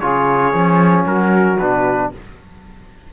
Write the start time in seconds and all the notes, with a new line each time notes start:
0.00 C#3 F4 G#4 C#5
0.53 F3 C#4
1.06 F#3 F#4 A#4
1.59 B2 D4 B4